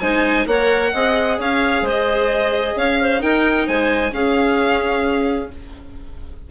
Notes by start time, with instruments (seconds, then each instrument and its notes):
0.00 bassoon G#3, viola D#4, clarinet C5, violin G#5
0.46 bassoon A#3, viola A#4, clarinet C#5, violin F#5
0.93 bassoon C4, viola G#4, clarinet D#5
1.39 bassoon C#4, clarinet C#5, violin F5
1.82 bassoon G#3, clarinet C5
1.89 violin D#5
2.76 bassoon C#4, clarinet C#5, violin F5
3.01 clarinet C5
3.19 viola D#4, bassoon D#4, clarinet A#4, violin G5
3.67 bassoon G#3, clarinet C5, violin G#5
4.12 viola C#4, bassoon C#4, clarinet G#4, violin F5